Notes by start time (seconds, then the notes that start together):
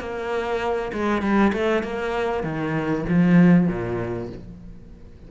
0.00 A#3
0.93 G#3
1.22 G3
1.53 A3
1.83 A#3
2.43 D#3
3.09 F3
3.67 A#2